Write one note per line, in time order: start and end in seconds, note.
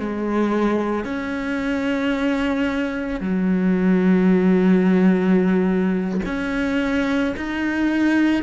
0.00 1.05 G#3
1.05 3.21 C#4
3.21 6.21 F#3
6.26 7.35 C#4
7.37 8.43 D#4